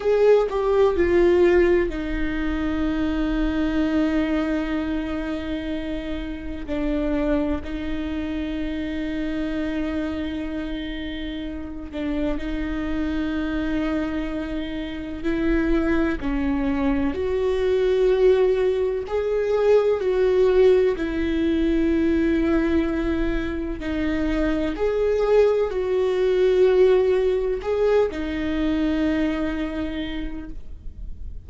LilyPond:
\new Staff \with { instrumentName = "viola" } { \time 4/4 \tempo 4 = 63 gis'8 g'8 f'4 dis'2~ | dis'2. d'4 | dis'1~ | dis'8 d'8 dis'2. |
e'4 cis'4 fis'2 | gis'4 fis'4 e'2~ | e'4 dis'4 gis'4 fis'4~ | fis'4 gis'8 dis'2~ dis'8 | }